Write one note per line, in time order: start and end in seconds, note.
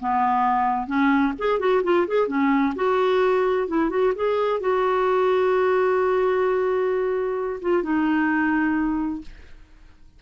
0.00 0.87 B3
0.87 1.33 C#4
1.39 1.60 G#4
1.60 1.83 F#4
1.84 2.07 F4
2.08 2.28 G#4
2.28 2.74 C#4
2.76 3.68 F#4
3.68 3.90 E4
3.90 4.13 F#4
4.16 4.60 G#4
4.60 7.60 F#4
7.62 7.83 F4
7.83 9.22 D#4